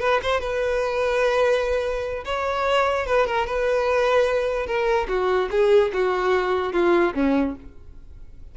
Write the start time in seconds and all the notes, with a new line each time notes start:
0.00 B4
0.22 C5
0.41 B4
2.25 C#5
3.06 B4
3.27 A#4
3.47 B4
4.67 A#4
5.08 F#4
5.51 G#4
5.93 F#4
6.73 F4
7.14 C#4